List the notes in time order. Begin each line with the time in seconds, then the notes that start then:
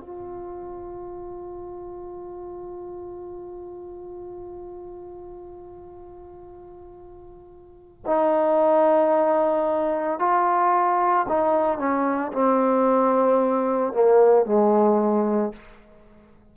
0.00 F4
8.06 D#4
10.19 F4
11.28 D#4
11.78 C#4
12.33 C4
13.93 A#3
14.45 G#3